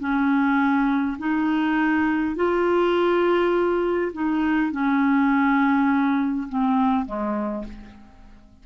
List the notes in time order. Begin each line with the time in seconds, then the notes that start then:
0.00 C#4
1.19 D#4
2.36 F4
4.13 D#4
4.72 C#4
6.49 C4
7.06 G#3